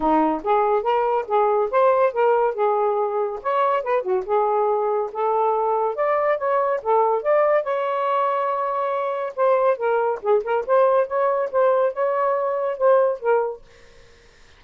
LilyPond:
\new Staff \with { instrumentName = "saxophone" } { \time 4/4 \tempo 4 = 141 dis'4 gis'4 ais'4 gis'4 | c''4 ais'4 gis'2 | cis''4 b'8 fis'8 gis'2 | a'2 d''4 cis''4 |
a'4 d''4 cis''2~ | cis''2 c''4 ais'4 | gis'8 ais'8 c''4 cis''4 c''4 | cis''2 c''4 ais'4 | }